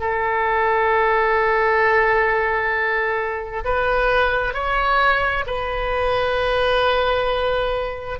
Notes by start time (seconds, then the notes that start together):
0.00 A4
3.64 B4
4.53 C#5
5.46 B4